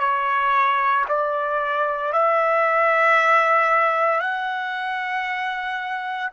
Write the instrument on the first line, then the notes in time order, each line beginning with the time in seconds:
trumpet
0.00 C#5
1.09 D5
2.13 E5
4.21 F#5